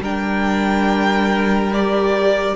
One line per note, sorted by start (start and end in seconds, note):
0.00 2.54 G3
0.00 1.71 D4
0.00 2.55 A#4
0.00 1.73 G5
1.71 2.55 G4
1.71 2.55 D5